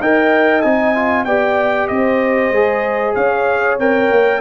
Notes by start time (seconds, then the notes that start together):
0.00 D#4 A#4 D#5 G5
0.61 C4 D#4 G#5
0.94 F4
1.24 B3 G4 D5 G5
1.88 C4 C5 D#5
2.51 G#3 G#4
3.15 C#4 C#5 F5
3.78 C4 A#4 G5
4.11 A#3